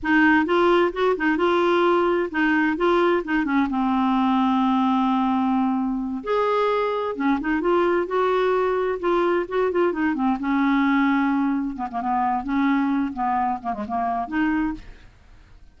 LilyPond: \new Staff \with { instrumentName = "clarinet" } { \time 4/4 \tempo 4 = 130 dis'4 f'4 fis'8 dis'8 f'4~ | f'4 dis'4 f'4 dis'8 cis'8 | c'1~ | c'4. gis'2 cis'8 |
dis'8 f'4 fis'2 f'8~ | f'8 fis'8 f'8 dis'8 c'8 cis'4.~ | cis'4. b16 ais16 b4 cis'4~ | cis'8 b4 ais16 gis16 ais4 dis'4 | }